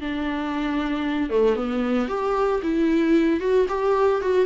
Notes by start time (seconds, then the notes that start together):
0.00 D4
1.29 A3
1.55 B3
2.08 G4
2.62 E4
3.40 F#4
3.68 G4
4.21 F#4